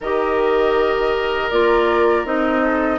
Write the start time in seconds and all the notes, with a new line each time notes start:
0.00 D#3 G4 A#4 D#5
1.50 A#3 F4 D5
2.24 C4 D#4 D#5
2.62 A4